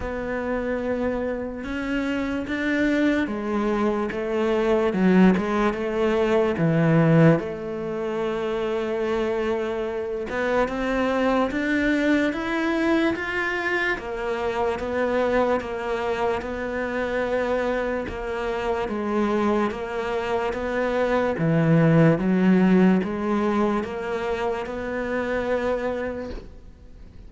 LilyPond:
\new Staff \with { instrumentName = "cello" } { \time 4/4 \tempo 4 = 73 b2 cis'4 d'4 | gis4 a4 fis8 gis8 a4 | e4 a2.~ | a8 b8 c'4 d'4 e'4 |
f'4 ais4 b4 ais4 | b2 ais4 gis4 | ais4 b4 e4 fis4 | gis4 ais4 b2 | }